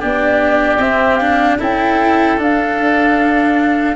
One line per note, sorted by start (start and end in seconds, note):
0.00 0.78 B3
0.00 0.79 D4
0.00 1.58 G4
0.00 0.80 D5
0.78 1.57 C4
0.78 1.21 C4
0.78 1.16 E5
1.16 1.59 D4
1.16 1.56 F5
1.59 2.39 C#4
1.59 2.38 E4
1.59 3.96 A4
1.59 2.41 G5
2.38 3.96 D4
2.38 3.96 F5